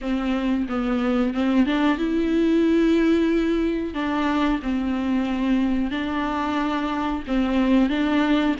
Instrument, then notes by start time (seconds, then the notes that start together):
viola
0.01 C4
0.69 B3
1.34 C4
1.65 D4
1.98 E4
3.94 D4
4.62 C4
5.90 D4
7.27 C4
7.89 D4